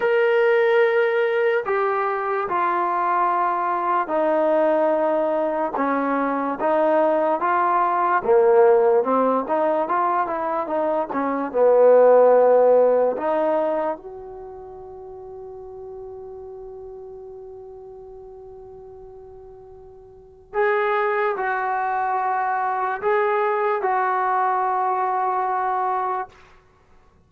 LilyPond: \new Staff \with { instrumentName = "trombone" } { \time 4/4 \tempo 4 = 73 ais'2 g'4 f'4~ | f'4 dis'2 cis'4 | dis'4 f'4 ais4 c'8 dis'8 | f'8 e'8 dis'8 cis'8 b2 |
dis'4 fis'2.~ | fis'1~ | fis'4 gis'4 fis'2 | gis'4 fis'2. | }